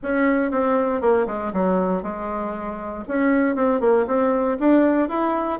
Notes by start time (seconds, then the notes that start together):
0.02 C#4
0.51 C4
1.01 A#3
1.27 G#3
1.53 F#3
2.02 G#3
3.07 C#4
3.55 C4
3.80 A#3
4.06 C4
4.59 D4
5.08 E4